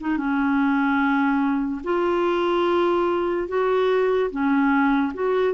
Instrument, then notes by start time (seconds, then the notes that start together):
clarinet
0.00 D#4
0.17 C#4
1.84 F4
3.48 F#4
4.30 C#4
5.14 F#4